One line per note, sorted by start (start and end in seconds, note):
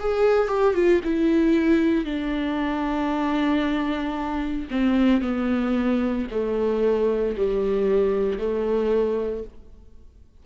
0.00 0.48 G#4
0.48 0.75 G4
0.75 1.01 F4
1.04 2.05 E4
2.05 4.68 D4
4.71 5.22 C4
5.22 6.27 B3
6.31 7.36 A3
7.37 8.38 G3
8.38 9.44 A3